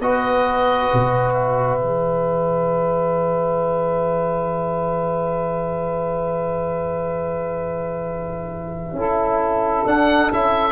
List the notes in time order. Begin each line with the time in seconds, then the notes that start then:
0.00 B3 F#4 B4 D#5
0.93 B2
1.33 E5
1.79 E3 G#4
8.93 C#4 E4 A4
9.86 D4 F#5
10.32 C#4 E4 E5